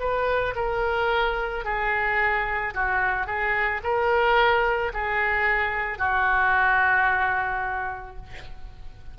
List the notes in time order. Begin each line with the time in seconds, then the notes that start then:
0.00 B4
0.56 A#4
1.65 G#4
2.75 F#4
3.27 G#4
3.84 A#4
4.94 G#4
5.99 F#4